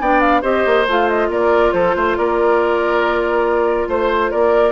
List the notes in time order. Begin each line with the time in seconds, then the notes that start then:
0.00 B3 D4 D5 G5
0.21 F5
0.42 C4 G4 C5 D#5
0.66 A#3
0.87 A3 F4 F5
1.09 D#5
1.29 A#3 A#4 D5
1.72 F3 A4 C5
1.96 A3 C5
2.16 A#3 A#4 D5
3.88 A3 C5
4.31 A#3 A#4 D5